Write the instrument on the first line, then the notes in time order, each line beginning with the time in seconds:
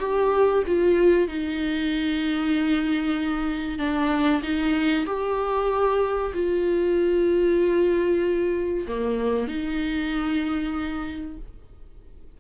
viola
0.00 G4
0.67 F4
1.28 D#4
3.79 D4
4.43 D#4
5.06 G4
6.34 F4
8.88 A#3
9.48 D#4